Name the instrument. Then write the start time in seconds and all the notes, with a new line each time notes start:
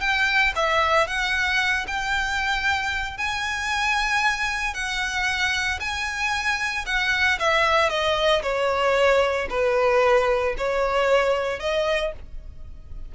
violin
0.00 G5
0.55 E5
1.07 F#5
1.87 G5
3.17 G#5
4.73 F#5
5.79 G#5
6.86 F#5
7.39 E5
7.89 D#5
8.42 C#5
9.49 B4
10.57 C#5
11.59 D#5